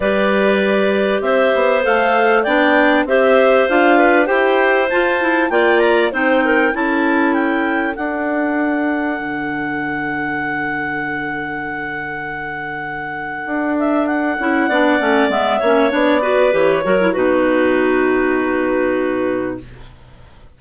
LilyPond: <<
  \new Staff \with { instrumentName = "clarinet" } { \time 4/4 \tempo 4 = 98 d''2 e''4 f''4 | g''4 e''4 f''4 g''4 | a''4 g''8 ais''8 g''4 a''4 | g''4 fis''2.~ |
fis''1~ | fis''2~ fis''8 e''8 fis''4~ | fis''4 e''4 d''4 cis''4 | b'1 | }
  \new Staff \with { instrumentName = "clarinet" } { \time 4/4 b'2 c''2 | d''4 c''4. b'8 c''4~ | c''4 d''4 c''8 ais'8 a'4~ | a'1~ |
a'1~ | a'1 | d''4. cis''4 b'4 ais'8 | fis'1 | }
  \new Staff \with { instrumentName = "clarinet" } { \time 4/4 g'2. a'4 | d'4 g'4 f'4 g'4 | f'8 e'8 f'4 dis'4 e'4~ | e'4 d'2.~ |
d'1~ | d'2.~ d'8 e'8 | d'8 cis'8 b8 cis'8 d'8 fis'8 g'8 fis'16 e'16 | dis'1 | }
  \new Staff \with { instrumentName = "bassoon" } { \time 4/4 g2 c'8 b8 a4 | b4 c'4 d'4 e'4 | f'4 ais4 c'4 cis'4~ | cis'4 d'2 d4~ |
d1~ | d2 d'4. cis'8 | b8 a8 gis8 ais8 b4 e8 fis8 | b,1 | }
>>